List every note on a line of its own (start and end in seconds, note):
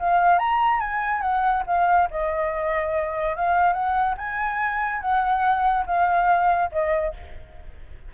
0.00 0.39 F5
0.39 0.81 A#5
0.81 1.22 G#5
1.22 1.64 F#5
1.67 2.09 F5
2.11 3.37 D#5
3.37 3.73 F5
3.73 4.15 F#5
4.18 5.02 G#5
5.02 5.86 F#5
5.87 6.71 F5
6.72 7.14 D#5